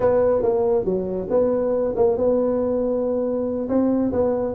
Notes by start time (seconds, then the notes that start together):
0.00 B3
0.42 A#3
0.85 F#3
1.29 B3
1.95 A#3
2.17 B3
3.68 C4
4.12 B3